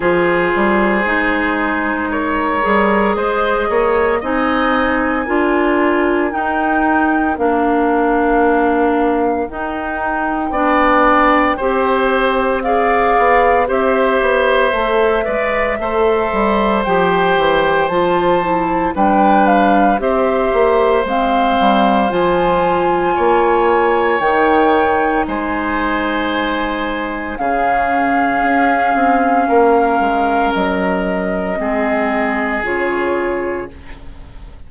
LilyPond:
<<
  \new Staff \with { instrumentName = "flute" } { \time 4/4 \tempo 4 = 57 c''2 ais'4 dis''4 | gis''2 g''4 f''4~ | f''4 g''2. | f''4 e''2. |
g''4 a''4 g''8 f''8 e''4 | f''4 gis''2 g''4 | gis''2 f''2~ | f''4 dis''2 cis''4 | }
  \new Staff \with { instrumentName = "oboe" } { \time 4/4 gis'2 cis''4 c''8 cis''8 | dis''4 ais'2.~ | ais'2 d''4 c''4 | d''4 c''4. d''8 c''4~ |
c''2 b'4 c''4~ | c''2 cis''2 | c''2 gis'2 | ais'2 gis'2 | }
  \new Staff \with { instrumentName = "clarinet" } { \time 4/4 f'4 dis'4. gis'4. | dis'4 f'4 dis'4 d'4~ | d'4 dis'4 d'4 g'4 | gis'4 g'4 a'8 b'8 a'4 |
g'4 f'8 e'8 d'4 g'4 | c'4 f'2 dis'4~ | dis'2 cis'2~ | cis'2 c'4 f'4 | }
  \new Staff \with { instrumentName = "bassoon" } { \time 4/4 f8 g8 gis4. g8 gis8 ais8 | c'4 d'4 dis'4 ais4~ | ais4 dis'4 b4 c'4~ | c'8 b8 c'8 b8 a8 gis8 a8 g8 |
f8 e8 f4 g4 c'8 ais8 | gis8 g8 f4 ais4 dis4 | gis2 cis4 cis'8 c'8 | ais8 gis8 fis4 gis4 cis4 | }
>>